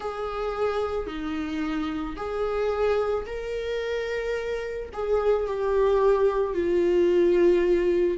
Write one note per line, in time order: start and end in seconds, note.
0.00 1.07 G#4
1.07 2.16 D#4
2.16 3.25 G#4
3.26 4.89 A#4
4.93 5.46 G#4
5.46 6.54 G4
6.54 8.17 F4